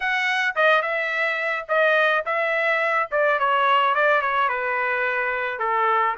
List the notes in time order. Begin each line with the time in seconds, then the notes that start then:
0.00 F#5
0.55 D#5
0.82 E5
1.68 D#5
2.25 E5
3.11 D5
3.39 C#5
3.94 D5
4.21 C#5
4.49 B4
5.59 A4